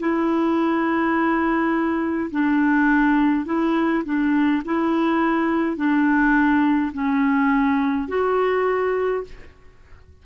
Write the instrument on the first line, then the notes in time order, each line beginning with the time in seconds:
clarinet
0.00 E4
2.32 D4
3.46 E4
4.05 D4
4.65 E4
5.77 D4
6.93 C#4
8.09 F#4